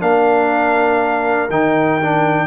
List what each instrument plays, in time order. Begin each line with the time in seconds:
0.00 tuba A#3, trombone D4, horn A#4, trumpet F5
1.50 tuba D#3, trombone D#4, trumpet G5
2.02 trombone D4